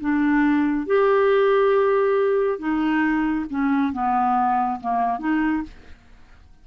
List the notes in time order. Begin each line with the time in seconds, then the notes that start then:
0.00 D4
0.86 G4
2.58 D#4
3.50 C#4
3.93 B3
4.80 A#3
5.19 D#4